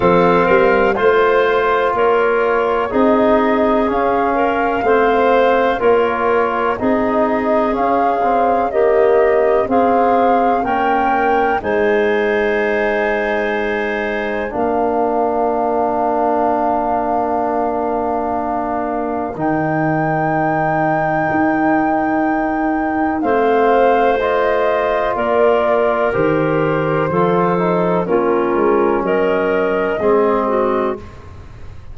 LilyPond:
<<
  \new Staff \with { instrumentName = "flute" } { \time 4/4 \tempo 4 = 62 f''4 c''4 cis''4 dis''4 | f''2 cis''4 dis''4 | f''4 dis''4 f''4 g''4 | gis''2. f''4~ |
f''1 | g''1 | f''4 dis''4 d''4 c''4~ | c''4 ais'4 dis''2 | }
  \new Staff \with { instrumentName = "clarinet" } { \time 4/4 a'8 ais'8 c''4 ais'4 gis'4~ | gis'8 ais'8 c''4 ais'4 gis'4~ | gis'4 g'4 gis'4 ais'4 | c''2. ais'4~ |
ais'1~ | ais'1 | c''2 ais'2 | a'4 f'4 ais'4 gis'8 fis'8 | }
  \new Staff \with { instrumentName = "trombone" } { \time 4/4 c'4 f'2 dis'4 | cis'4 c'4 f'4 dis'4 | cis'8 c'8 ais4 c'4 cis'4 | dis'2. d'4~ |
d'1 | dis'1 | c'4 f'2 g'4 | f'8 dis'8 cis'2 c'4 | }
  \new Staff \with { instrumentName = "tuba" } { \time 4/4 f8 g8 a4 ais4 c'4 | cis'4 a4 ais4 c'4 | cis'2 c'4 ais4 | gis2. ais4~ |
ais1 | dis2 dis'2 | a2 ais4 dis4 | f4 ais8 gis8 fis4 gis4 | }
>>